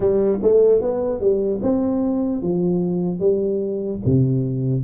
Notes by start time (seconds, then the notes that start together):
0.00 G3
0.42 A3
0.81 B3
1.20 G3
1.62 C4
2.41 F3
3.19 G3
4.05 C3